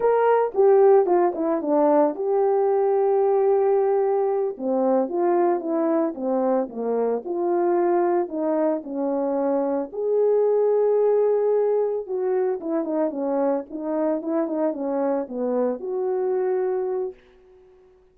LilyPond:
\new Staff \with { instrumentName = "horn" } { \time 4/4 \tempo 4 = 112 ais'4 g'4 f'8 e'8 d'4 | g'1~ | g'8 c'4 f'4 e'4 c'8~ | c'8 ais4 f'2 dis'8~ |
dis'8 cis'2 gis'4.~ | gis'2~ gis'8 fis'4 e'8 | dis'8 cis'4 dis'4 e'8 dis'8 cis'8~ | cis'8 b4 fis'2~ fis'8 | }